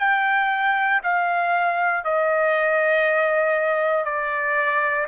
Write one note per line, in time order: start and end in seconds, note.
0.00 1.02 G5
1.03 2.04 F5
2.04 4.05 D#5
4.05 5.07 D5